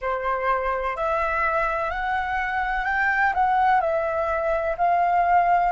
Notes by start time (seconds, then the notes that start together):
0.01 C5
0.96 E5
1.90 F#5
2.85 G5
3.33 F#5
3.81 E5
4.77 F5